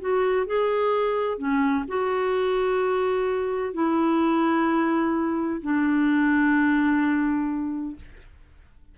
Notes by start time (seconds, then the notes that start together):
0.00 F#4
0.46 G#4
1.37 C#4
1.87 F#4
3.73 E4
5.61 D4